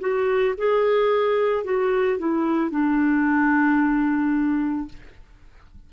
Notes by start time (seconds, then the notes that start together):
0.00 F#4
0.57 G#4
1.64 F#4
2.18 E4
2.70 D4